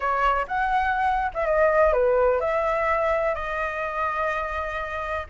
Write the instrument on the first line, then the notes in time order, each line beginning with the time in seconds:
flute
0.00 C#5
0.47 F#5
1.34 E5
1.45 D#5
1.92 B4
2.40 E5
3.34 D#5